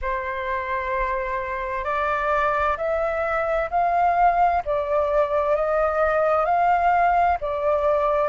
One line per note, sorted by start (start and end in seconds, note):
0.01 1.84 C5
1.84 2.77 D5
2.77 3.69 E5
3.70 4.62 F5
4.65 5.55 D5
5.55 6.45 D#5
6.45 7.37 F5
7.41 8.29 D5